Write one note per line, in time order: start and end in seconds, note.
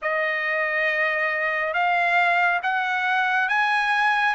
0.02 1.73 D#5
1.73 2.60 F5
2.62 3.49 F#5
3.49 4.34 G#5